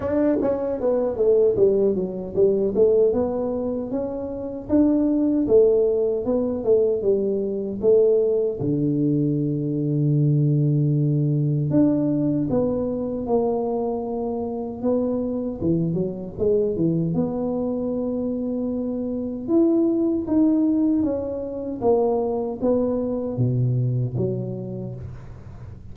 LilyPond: \new Staff \with { instrumentName = "tuba" } { \time 4/4 \tempo 4 = 77 d'8 cis'8 b8 a8 g8 fis8 g8 a8 | b4 cis'4 d'4 a4 | b8 a8 g4 a4 d4~ | d2. d'4 |
b4 ais2 b4 | e8 fis8 gis8 e8 b2~ | b4 e'4 dis'4 cis'4 | ais4 b4 b,4 fis4 | }